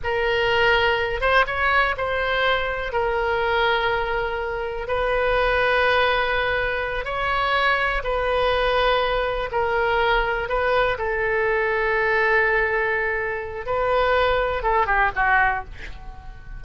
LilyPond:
\new Staff \with { instrumentName = "oboe" } { \time 4/4 \tempo 4 = 123 ais'2~ ais'8 c''8 cis''4 | c''2 ais'2~ | ais'2 b'2~ | b'2~ b'8 cis''4.~ |
cis''8 b'2. ais'8~ | ais'4. b'4 a'4.~ | a'1 | b'2 a'8 g'8 fis'4 | }